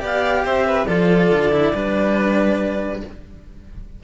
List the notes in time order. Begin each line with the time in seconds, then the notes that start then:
0.00 B3 G4 D5 F5
0.45 C4 C5 E5
0.67 B4
0.87 F3 F4 A4 D5
1.31 D3
1.52 E4
1.74 G3 D4 B4